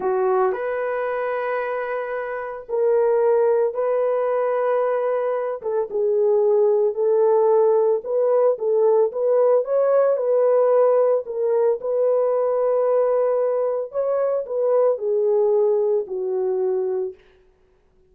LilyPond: \new Staff \with { instrumentName = "horn" } { \time 4/4 \tempo 4 = 112 fis'4 b'2.~ | b'4 ais'2 b'4~ | b'2~ b'8 a'8 gis'4~ | gis'4 a'2 b'4 |
a'4 b'4 cis''4 b'4~ | b'4 ais'4 b'2~ | b'2 cis''4 b'4 | gis'2 fis'2 | }